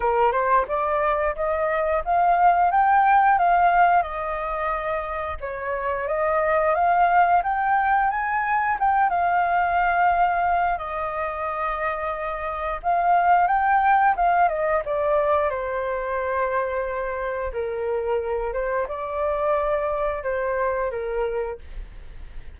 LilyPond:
\new Staff \with { instrumentName = "flute" } { \time 4/4 \tempo 4 = 89 ais'8 c''8 d''4 dis''4 f''4 | g''4 f''4 dis''2 | cis''4 dis''4 f''4 g''4 | gis''4 g''8 f''2~ f''8 |
dis''2. f''4 | g''4 f''8 dis''8 d''4 c''4~ | c''2 ais'4. c''8 | d''2 c''4 ais'4 | }